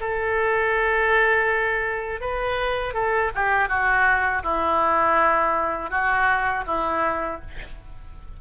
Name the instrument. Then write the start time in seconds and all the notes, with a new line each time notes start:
oboe
0.00 A4
2.21 B4
2.94 A4
3.35 G4
3.68 F#4
4.43 E4
5.90 F#4
6.67 E4